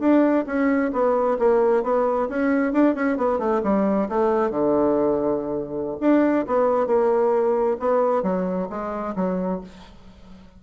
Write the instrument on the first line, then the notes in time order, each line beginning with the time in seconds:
bassoon
0.00 D4
0.47 C#4
0.93 B3
1.39 A#3
1.84 B3
2.29 C#4
2.74 D4
2.95 C#4
3.18 B3
3.39 A3
3.64 G3
4.09 A3
4.51 D3
6.01 D4
6.47 B3
6.87 A#3
7.80 B3
8.23 F#3
8.70 G#3
9.16 F#3